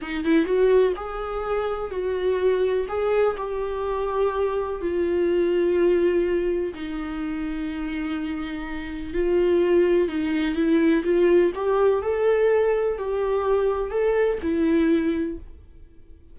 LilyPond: \new Staff \with { instrumentName = "viola" } { \time 4/4 \tempo 4 = 125 dis'8 e'8 fis'4 gis'2 | fis'2 gis'4 g'4~ | g'2 f'2~ | f'2 dis'2~ |
dis'2. f'4~ | f'4 dis'4 e'4 f'4 | g'4 a'2 g'4~ | g'4 a'4 e'2 | }